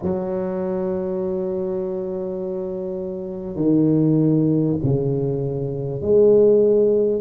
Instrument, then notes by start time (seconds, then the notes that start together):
tuba
0.02 F#3
3.56 D#3
4.83 C#3
6.01 G#3